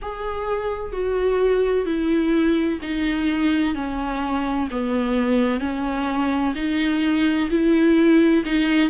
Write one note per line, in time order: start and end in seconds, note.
0.02 0.92 G#4
0.92 1.85 F#4
1.85 2.79 E4
2.82 3.75 D#4
3.75 4.68 C#4
4.70 5.60 B3
5.60 6.54 C#4
6.55 7.49 D#4
7.50 8.44 E4
8.45 8.89 D#4